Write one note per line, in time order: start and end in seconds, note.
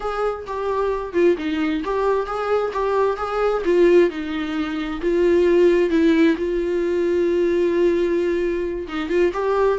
0.00 0.45 G#4
0.46 1.13 G4
1.13 1.36 F4
1.37 1.83 D#4
1.84 2.26 G4
2.26 2.71 G#4
2.72 3.16 G4
3.16 3.62 G#4
3.64 4.10 F4
4.10 5.01 D#4
5.01 5.90 F4
5.90 6.35 E4
6.37 8.87 F4
8.87 9.09 D#4
9.09 9.32 F4
9.33 9.78 G4